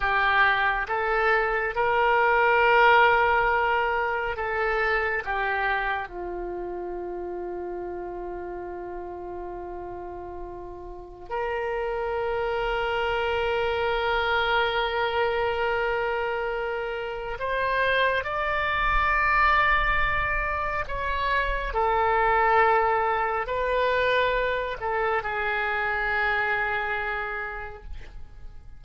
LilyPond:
\new Staff \with { instrumentName = "oboe" } { \time 4/4 \tempo 4 = 69 g'4 a'4 ais'2~ | ais'4 a'4 g'4 f'4~ | f'1~ | f'4 ais'2.~ |
ais'1 | c''4 d''2. | cis''4 a'2 b'4~ | b'8 a'8 gis'2. | }